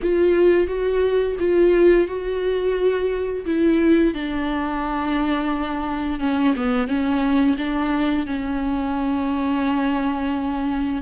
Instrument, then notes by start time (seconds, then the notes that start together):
viola
0.02 F4
0.67 F#4
1.39 F4
2.07 F#4
3.45 E4
4.13 D4
6.19 C#4
6.55 B3
6.87 C#4
7.57 D4
8.26 C#4